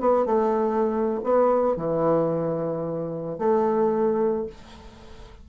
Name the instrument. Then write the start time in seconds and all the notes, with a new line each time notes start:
bassoon
0.00 B3
0.26 A3
1.24 B3
1.76 E3
3.39 A3